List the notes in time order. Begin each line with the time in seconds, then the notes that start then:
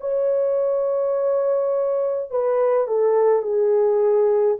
0.00 C#5
2.30 B4
2.87 A4
3.42 G#4